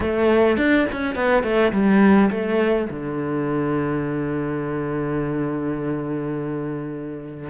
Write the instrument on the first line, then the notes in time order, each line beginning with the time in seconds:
cello
0.00 A3
0.57 D4
0.92 C#4
1.15 B3
1.43 A3
1.72 G3
2.30 A3
2.90 D3